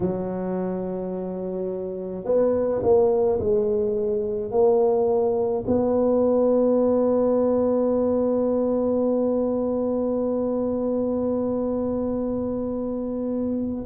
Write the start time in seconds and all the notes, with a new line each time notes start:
0.00 F#3
2.24 B3
2.83 A#3
3.40 G#3
4.51 A#3
5.67 B3